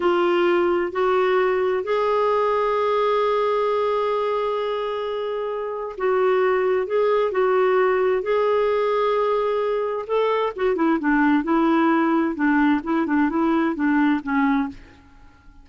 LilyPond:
\new Staff \with { instrumentName = "clarinet" } { \time 4/4 \tempo 4 = 131 f'2 fis'2 | gis'1~ | gis'1~ | gis'4 fis'2 gis'4 |
fis'2 gis'2~ | gis'2 a'4 fis'8 e'8 | d'4 e'2 d'4 | e'8 d'8 e'4 d'4 cis'4 | }